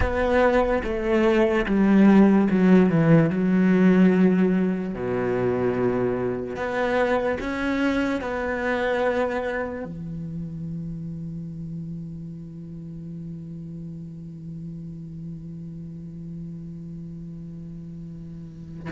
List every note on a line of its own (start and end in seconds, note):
0.00 0.82 B3
0.83 1.65 A3
1.66 2.48 G3
2.50 2.89 F#3
2.89 3.30 E3
3.30 4.94 F#3
4.94 6.55 B2
6.55 7.37 B3
7.40 8.21 C#4
8.21 9.84 B3
9.84 18.89 E3